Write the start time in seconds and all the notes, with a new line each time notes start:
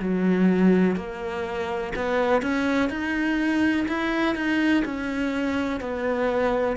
0.00 F#3
0.96 A#3
1.96 B3
2.42 C#4
2.90 D#4
3.88 E4
4.35 D#4
4.85 C#4
5.81 B3